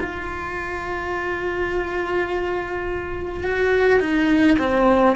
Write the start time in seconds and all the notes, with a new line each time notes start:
0.00 F4
3.44 F#4
3.99 D#4
4.58 C4